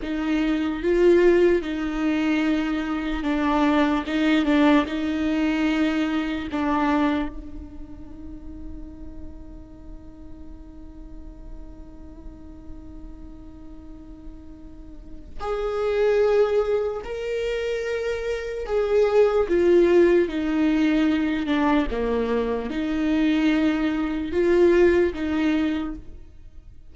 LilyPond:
\new Staff \with { instrumentName = "viola" } { \time 4/4 \tempo 4 = 74 dis'4 f'4 dis'2 | d'4 dis'8 d'8 dis'2 | d'4 dis'2.~ | dis'1~ |
dis'2. gis'4~ | gis'4 ais'2 gis'4 | f'4 dis'4. d'8 ais4 | dis'2 f'4 dis'4 | }